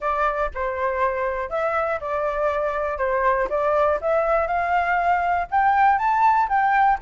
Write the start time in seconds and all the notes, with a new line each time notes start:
0.00 D5
0.54 C5
1.49 E5
2.00 D5
2.97 C5
3.49 D5
4.01 E5
4.47 F5
5.50 G5
5.98 A5
6.48 G5